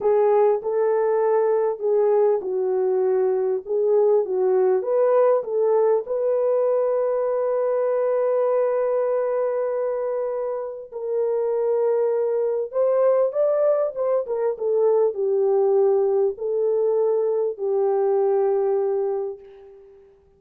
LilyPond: \new Staff \with { instrumentName = "horn" } { \time 4/4 \tempo 4 = 99 gis'4 a'2 gis'4 | fis'2 gis'4 fis'4 | b'4 a'4 b'2~ | b'1~ |
b'2 ais'2~ | ais'4 c''4 d''4 c''8 ais'8 | a'4 g'2 a'4~ | a'4 g'2. | }